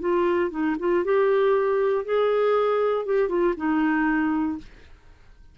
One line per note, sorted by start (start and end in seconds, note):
0.00 0.50 F4
0.51 0.76 D#4
0.79 1.04 F4
1.05 2.05 G4
2.05 3.06 G#4
3.06 3.29 G4
3.29 3.54 F4
3.57 4.58 D#4